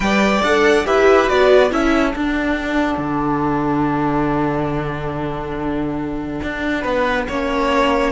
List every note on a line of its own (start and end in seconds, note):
0.00 0.41 G3
0.00 0.42 B4
0.00 0.86 D5
0.00 0.42 G5
0.42 0.85 D4
0.42 0.84 A4
0.42 0.86 F#5
0.84 1.29 E4
0.84 1.26 G4
0.84 1.71 B4
0.84 1.28 E5
1.26 1.71 B3
1.26 1.69 F#4
1.26 1.71 D5
1.70 2.14 C#4
1.70 2.12 E4
1.70 6.81 A4
1.70 2.15 E5
2.15 2.97 D4
2.15 7.30 D4
2.15 8.11 F#5
2.97 6.40 D3
6.42 6.84 D4
6.81 7.27 B3
6.81 7.24 B4
7.28 8.11 A#3
7.28 8.11 C#4
7.28 8.11 C#5